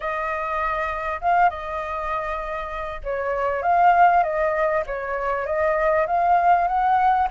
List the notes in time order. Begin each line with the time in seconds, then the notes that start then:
0.00 D#5
1.21 F5
1.49 D#5
3.03 C#5
3.62 F5
4.23 D#5
4.86 C#5
5.45 D#5
6.06 F5
6.67 F#5